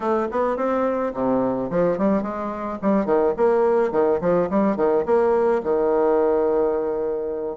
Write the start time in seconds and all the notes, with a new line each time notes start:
0.00 A3
0.31 B3
0.56 C4
1.13 C3
1.69 F3
1.98 G3
2.22 G#3
2.81 G3
3.05 D#3
3.36 A#3
3.91 D#3
4.20 F3
4.49 G3
4.76 D#3
5.05 A#3
5.63 D#3